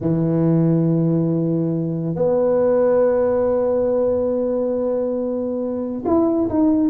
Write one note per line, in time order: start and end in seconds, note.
0.00 2.15 E3
2.15 6.04 B3
6.05 6.48 E4
6.49 6.90 D#4